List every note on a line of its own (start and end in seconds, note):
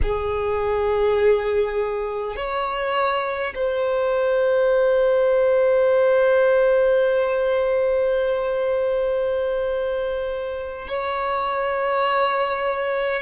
0.02 2.36 G#4
2.36 3.53 C#5
3.55 10.88 C5
10.88 13.22 C#5